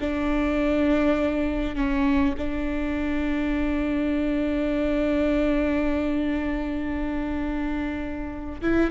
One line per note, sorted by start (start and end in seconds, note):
0.00 1.75 D4
1.75 2.34 C#4
2.37 8.61 D4
8.61 8.91 E4